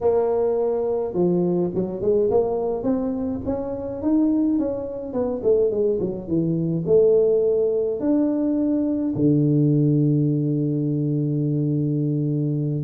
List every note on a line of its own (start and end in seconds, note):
0.00 1.13 A#3
1.13 1.70 F3
1.74 2.01 F#3
2.01 2.30 G#3
2.30 2.83 A#3
2.83 3.40 C4
3.45 4.02 C#4
4.02 4.58 D#4
4.58 5.13 C#4
5.13 5.41 B3
5.43 5.70 A3
5.70 5.99 G#3
6.00 6.27 F#3
6.27 6.84 E3
6.86 7.99 A3
7.99 9.14 D4
9.15 12.84 D3